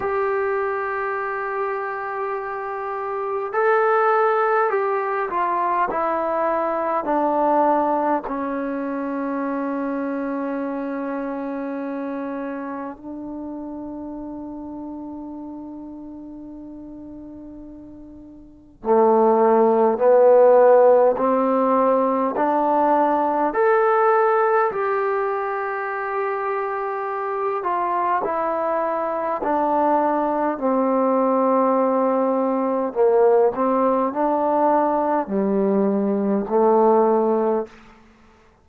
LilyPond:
\new Staff \with { instrumentName = "trombone" } { \time 4/4 \tempo 4 = 51 g'2. a'4 | g'8 f'8 e'4 d'4 cis'4~ | cis'2. d'4~ | d'1 |
a4 b4 c'4 d'4 | a'4 g'2~ g'8 f'8 | e'4 d'4 c'2 | ais8 c'8 d'4 g4 a4 | }